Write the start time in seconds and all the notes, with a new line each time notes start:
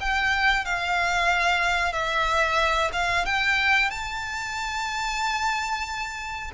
0.00 G5
0.65 F5
1.92 E5
2.92 F5
3.25 G5
3.90 A5